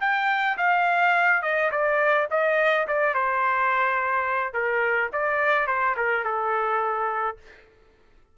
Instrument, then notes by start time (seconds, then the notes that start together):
trumpet
0.00 G5
0.57 F5
1.42 D#5
1.71 D5
2.30 D#5
2.87 D5
3.14 C5
4.53 A#4
5.12 D5
5.67 C5
5.96 A#4
6.24 A4